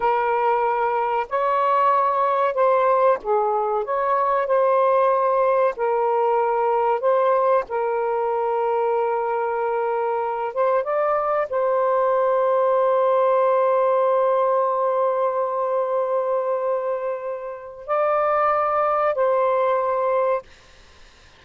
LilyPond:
\new Staff \with { instrumentName = "saxophone" } { \time 4/4 \tempo 4 = 94 ais'2 cis''2 | c''4 gis'4 cis''4 c''4~ | c''4 ais'2 c''4 | ais'1~ |
ais'8 c''8 d''4 c''2~ | c''1~ | c''1 | d''2 c''2 | }